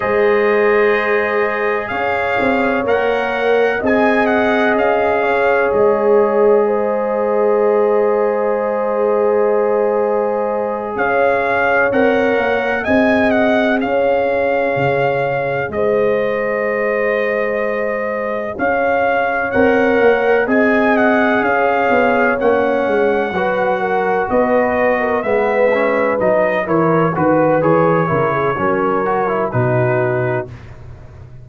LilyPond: <<
  \new Staff \with { instrumentName = "trumpet" } { \time 4/4 \tempo 4 = 63 dis''2 f''4 fis''4 | gis''8 fis''8 f''4 dis''2~ | dis''2.~ dis''8 f''8~ | f''8 fis''4 gis''8 fis''8 f''4.~ |
f''8 dis''2. f''8~ | f''8 fis''4 gis''8 fis''8 f''4 fis''8~ | fis''4. dis''4 e''4 dis''8 | cis''8 b'8 cis''2 b'4 | }
  \new Staff \with { instrumentName = "horn" } { \time 4/4 c''2 cis''2 | dis''4. cis''4. c''4~ | c''2.~ c''8 cis''8~ | cis''4. dis''4 cis''4.~ |
cis''8 c''2. cis''8~ | cis''4. dis''4 cis''4.~ | cis''8 b'8 ais'8 b'8. ais'16 b'4. | ais'8 b'4 ais'16 gis'16 ais'4 fis'4 | }
  \new Staff \with { instrumentName = "trombone" } { \time 4/4 gis'2. ais'4 | gis'1~ | gis'1~ | gis'8 ais'4 gis'2~ gis'8~ |
gis'1~ | gis'8 ais'4 gis'2 cis'8~ | cis'8 fis'2 b8 cis'8 dis'8 | e'8 fis'8 gis'8 e'8 cis'8 fis'16 e'16 dis'4 | }
  \new Staff \with { instrumentName = "tuba" } { \time 4/4 gis2 cis'8 c'8 ais4 | c'4 cis'4 gis2~ | gis2.~ gis8 cis'8~ | cis'8 c'8 ais8 c'4 cis'4 cis8~ |
cis8 gis2. cis'8~ | cis'8 c'8 ais8 c'4 cis'8 b8 ais8 | gis8 fis4 b4 gis4 fis8 | e8 dis8 e8 cis8 fis4 b,4 | }
>>